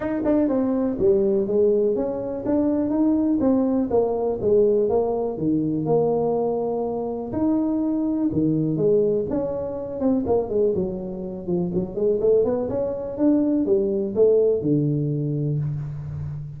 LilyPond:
\new Staff \with { instrumentName = "tuba" } { \time 4/4 \tempo 4 = 123 dis'8 d'8 c'4 g4 gis4 | cis'4 d'4 dis'4 c'4 | ais4 gis4 ais4 dis4 | ais2. dis'4~ |
dis'4 dis4 gis4 cis'4~ | cis'8 c'8 ais8 gis8 fis4. f8 | fis8 gis8 a8 b8 cis'4 d'4 | g4 a4 d2 | }